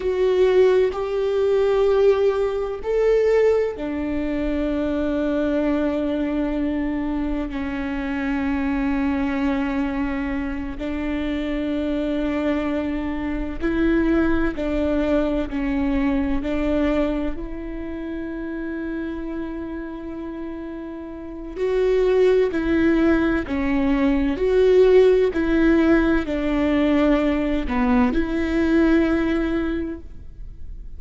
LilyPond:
\new Staff \with { instrumentName = "viola" } { \time 4/4 \tempo 4 = 64 fis'4 g'2 a'4 | d'1 | cis'2.~ cis'8 d'8~ | d'2~ d'8 e'4 d'8~ |
d'8 cis'4 d'4 e'4.~ | e'2. fis'4 | e'4 cis'4 fis'4 e'4 | d'4. b8 e'2 | }